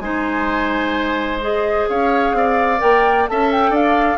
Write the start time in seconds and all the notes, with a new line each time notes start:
0.00 G#3 D#4 C5 G#5
1.41 G#4 D#5
1.89 C#4 C#5 F5
2.34 C4 D5
2.79 A#3 A#4 G5
3.29 C#4 A4 E5 A5
3.52 G5
3.71 D4 D5 F5